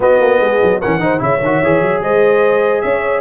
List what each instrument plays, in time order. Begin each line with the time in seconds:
0.00 tuba B3, trombone B3, horn F#4, trumpet D#5
0.20 tuba A#3
0.40 tuba G#3, horn G#4
0.62 tuba F#3
0.80 tuba E3, trombone C#4, horn A#4, trumpet F#5
0.99 tuba D#3, trombone D#4, horn C5
1.18 tuba C#3, trombone E4, horn C#5, trumpet E5
1.41 tuba D#3, trombone F#4
1.62 tuba E3, trombone G#4
1.81 tuba F#3
2.01 tuba G#3, horn C5, trumpet D#5
2.81 tuba C#4, horn C#5, trumpet E5